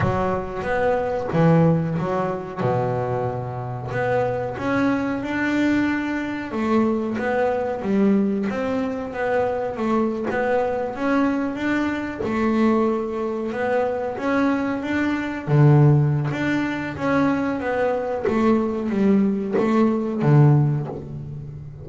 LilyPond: \new Staff \with { instrumentName = "double bass" } { \time 4/4 \tempo 4 = 92 fis4 b4 e4 fis4 | b,2 b4 cis'4 | d'2 a4 b4 | g4 c'4 b4 a8. b16~ |
b8. cis'4 d'4 a4~ a16~ | a8. b4 cis'4 d'4 d16~ | d4 d'4 cis'4 b4 | a4 g4 a4 d4 | }